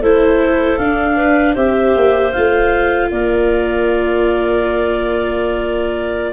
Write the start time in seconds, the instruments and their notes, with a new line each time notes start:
0.00 tuba A3, viola E4, clarinet A4 C5
0.77 tuba D4, viola D4, clarinet F5
1.16 clarinet B4
1.54 tuba C4, viola G4, clarinet C5 E5
1.96 tuba A#3
2.32 tuba A3, viola F4, clarinet F5
3.10 tuba A#3, clarinet A#4 D5